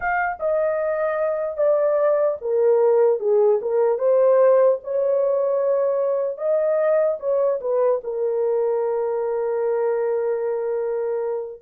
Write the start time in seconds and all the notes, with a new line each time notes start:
0.00 F5
0.39 D#5
1.57 D5
2.41 A#4
3.19 G#4
3.61 A#4
3.98 C5
4.83 C#5
6.37 D#5
7.19 C#5
7.60 B4
8.03 A#4